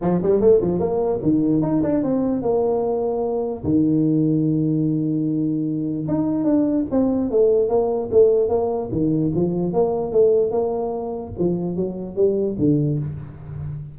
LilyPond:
\new Staff \with { instrumentName = "tuba" } { \time 4/4 \tempo 4 = 148 f8 g8 a8 f8 ais4 dis4 | dis'8 d'8 c'4 ais2~ | ais4 dis2.~ | dis2. dis'4 |
d'4 c'4 a4 ais4 | a4 ais4 dis4 f4 | ais4 a4 ais2 | f4 fis4 g4 d4 | }